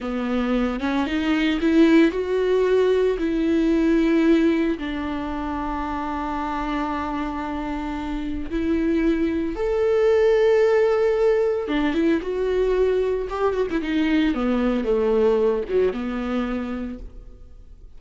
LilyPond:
\new Staff \with { instrumentName = "viola" } { \time 4/4 \tempo 4 = 113 b4. cis'8 dis'4 e'4 | fis'2 e'2~ | e'4 d'2.~ | d'1 |
e'2 a'2~ | a'2 d'8 e'8 fis'4~ | fis'4 g'8 fis'16 e'16 dis'4 b4 | a4. fis8 b2 | }